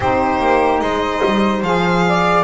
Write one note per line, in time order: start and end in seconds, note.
0.00 0.39 C4
0.00 1.64 D#4
0.00 0.82 G4
0.00 0.80 C5
0.39 0.80 A#3
0.80 1.22 G#3
0.80 2.05 C5
0.80 1.62 D#5
1.25 1.62 G3
1.62 2.43 F3
1.62 2.43 G#4
1.62 2.43 F5
2.08 2.43 D5